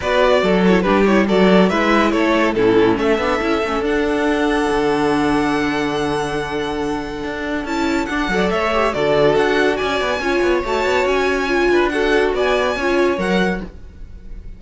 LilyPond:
<<
  \new Staff \with { instrumentName = "violin" } { \time 4/4 \tempo 4 = 141 d''4. cis''8 b'8 cis''8 d''4 | e''4 cis''4 a'4 e''4~ | e''4 fis''2.~ | fis''1~ |
fis''2 a''4 fis''4 | e''4 d''4 fis''4 gis''4~ | gis''4 a''4 gis''2 | fis''4 gis''2 fis''4 | }
  \new Staff \with { instrumentName = "violin" } { \time 4/4 b'4 a'4 g'4 a'4 | b'4 a'4 e'4 a'4~ | a'1~ | a'1~ |
a'2.~ a'8 d''8 | cis''4 a'2 d''4 | cis''2.~ cis''8 b'8 | a'4 d''4 cis''2 | }
  \new Staff \with { instrumentName = "viola" } { \time 4/4 fis'4. e'8 d'8 e'8 fis'4 | e'2 cis'4. d'8 | e'8 cis'8 d'2.~ | d'1~ |
d'2 e'4 d'8 a'8~ | a'8 g'8 fis'2. | f'4 fis'2 f'4 | fis'2 f'4 ais'4 | }
  \new Staff \with { instrumentName = "cello" } { \time 4/4 b4 fis4 g4 fis4 | gis4 a4 a,4 a8 b8 | cis'8 a8 d'2 d4~ | d1~ |
d4 d'4 cis'4 d'8 fis8 | a4 d4 d'4 cis'8 b8 | cis'8 b8 a8 b8 cis'4. d'8~ | d'4 b4 cis'4 fis4 | }
>>